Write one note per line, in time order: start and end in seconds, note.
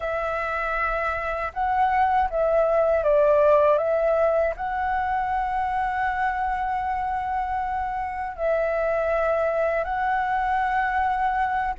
0.00 1.52 E5
1.53 2.29 F#5
2.30 3.03 E5
3.03 3.78 D5
3.78 4.54 E5
4.56 8.36 F#5
8.36 9.84 E5
9.84 11.73 F#5